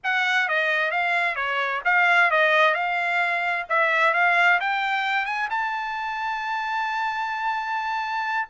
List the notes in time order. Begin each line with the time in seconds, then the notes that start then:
0.03 F#5
0.48 D#5
0.91 F5
1.35 C#5
1.84 F5
2.30 D#5
2.74 F5
3.69 E5
4.13 F5
4.60 G5
5.25 G#5
5.50 A5